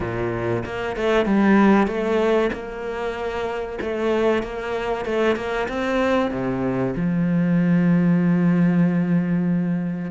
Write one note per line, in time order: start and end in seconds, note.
0.00 0.63 A#2
0.65 0.96 A#3
0.96 1.25 A3
1.25 1.87 G3
1.87 2.50 A3
2.52 3.79 A#3
3.81 4.42 A3
4.42 5.05 A#3
5.05 5.35 A3
5.35 5.67 A#3
5.68 6.30 C4
6.30 6.94 C3
6.96 10.11 F3